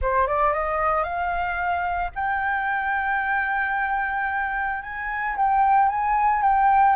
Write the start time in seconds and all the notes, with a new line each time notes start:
0.01 C5
0.27 D5
0.53 D#5
1.03 F5
2.15 G5
4.82 G#5
5.36 G5
5.88 G#5
6.42 G5